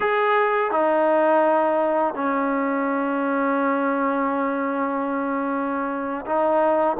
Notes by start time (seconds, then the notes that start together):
0.00 G#4
0.71 D#4
2.14 C#4
6.25 D#4